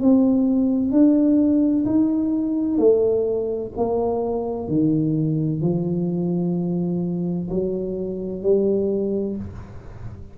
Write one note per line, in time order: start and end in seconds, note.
0.00 0.91 C4
0.91 1.85 D4
1.85 2.77 D#4
2.77 3.71 A3
3.76 4.67 A#3
4.67 5.61 D#3
5.62 7.49 F3
7.50 8.42 F#3
8.42 9.36 G3